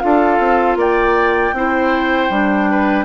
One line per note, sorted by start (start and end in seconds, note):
0.00 0.39 D4
0.00 1.53 F4
0.00 0.78 A4
0.00 0.76 F5
0.39 0.76 C4
0.76 1.52 A#3
0.76 1.54 D5
0.76 3.05 G5
1.53 2.29 C4
1.53 2.31 E4
1.53 2.71 C5
2.30 3.05 G3
2.30 3.05 D4
2.71 3.05 B4